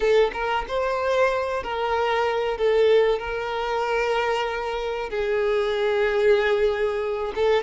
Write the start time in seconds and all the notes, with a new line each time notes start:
0.00 A4
0.33 A#4
0.67 C5
1.63 A#4
2.57 A4
3.19 A#4
5.09 G#4
7.35 A4